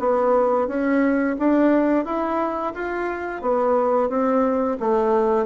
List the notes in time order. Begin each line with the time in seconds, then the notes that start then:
0.00 B3
0.68 C#4
1.39 D4
2.05 E4
2.75 F4
3.42 B3
4.09 C4
4.80 A3